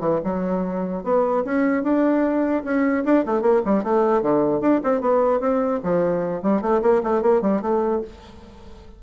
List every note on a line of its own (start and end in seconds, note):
0.00 0.20 E3
0.24 1.04 F#3
1.04 1.44 B3
1.45 1.83 C#4
1.83 2.63 D4
2.64 3.04 C#4
3.05 3.25 D4
3.26 3.42 A3
3.42 3.62 A#3
3.65 3.84 G3
3.84 4.22 A3
4.22 4.61 D3
4.61 4.81 D4
4.84 5.01 C4
5.01 5.40 B3
5.40 5.80 C4
5.83 6.43 F3
6.43 6.62 G3
6.62 6.82 A3
6.82 7.02 A#3
7.03 7.22 A3
7.22 7.42 A#3
7.42 7.62 G3
7.62 8.02 A3